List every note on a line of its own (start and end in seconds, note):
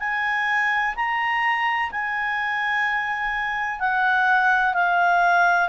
0.00 0.95 G#5
0.96 1.91 A#5
1.92 3.80 G#5
3.80 4.74 F#5
4.74 5.69 F5